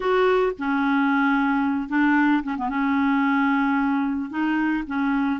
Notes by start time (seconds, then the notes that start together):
0.00 F#4
0.58 C#4
1.88 D4
2.43 C#4
2.57 B3
2.69 C#4
4.29 D#4
4.86 C#4